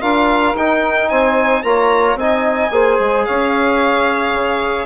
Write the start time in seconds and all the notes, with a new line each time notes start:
0.00 D4 F4 A#4 F5
0.54 D#4 G5
1.09 C4 C5 G#5
1.63 A#3 F4 C#5 A#5
2.15 C4 D#4 D#5 G#5
2.71 A#3 G#4 C5
3.00 G#3
3.25 C#4 C#5 F5
4.33 C#3